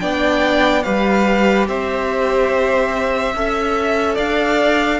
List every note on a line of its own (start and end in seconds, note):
0.00 0.85 B3
0.00 0.84 D4
0.00 0.84 D5
0.00 0.83 G5
0.83 1.68 G3
0.83 3.34 G4
0.83 1.68 B4
0.83 1.66 F5
1.68 3.35 C4
1.68 3.35 C5
1.68 4.18 E5
3.35 4.18 C#4
3.35 5.00 A4
3.35 4.15 E5
4.15 5.00 D4
4.15 4.98 D5
4.15 5.00 F5